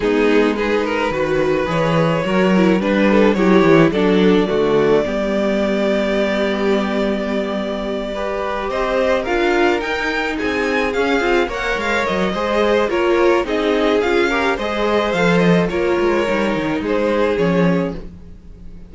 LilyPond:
<<
  \new Staff \with { instrumentName = "violin" } { \time 4/4 \tempo 4 = 107 gis'4 b'2 cis''4~ | cis''4 b'4 cis''4 d''4~ | d''1~ | d''2.~ d''8 dis''8~ |
dis''8 f''4 g''4 gis''4 f''8~ | f''8 fis''8 f''8 dis''4. cis''4 | dis''4 f''4 dis''4 f''8 dis''8 | cis''2 c''4 cis''4 | }
  \new Staff \with { instrumentName = "violin" } { \time 4/4 dis'4 gis'8 ais'8 b'2 | ais'4 b'8 a'8 g'4 a'4 | fis'4 g'2.~ | g'2~ g'8 b'4 c''8~ |
c''8 ais'2 gis'4.~ | gis'8 cis''4. c''4 ais'4 | gis'4. ais'8 c''2 | ais'2 gis'2 | }
  \new Staff \with { instrumentName = "viola" } { \time 4/4 b4 dis'4 fis'4 gis'4 | fis'8 e'8 d'4 e'4 d'4 | a4 b2.~ | b2~ b8 g'4.~ |
g'8 f'4 dis'2 cis'8 | f'8 ais'4. gis'4 f'4 | dis'4 f'8 g'8 gis'4 a'4 | f'4 dis'2 cis'4 | }
  \new Staff \with { instrumentName = "cello" } { \time 4/4 gis2 dis4 e4 | fis4 g4 fis8 e8 fis4 | d4 g2.~ | g2.~ g8 c'8~ |
c'8 d'4 dis'4 c'4 cis'8 | c'8 ais8 gis8 fis8 gis4 ais4 | c'4 cis'4 gis4 f4 | ais8 gis8 g8 dis8 gis4 f4 | }
>>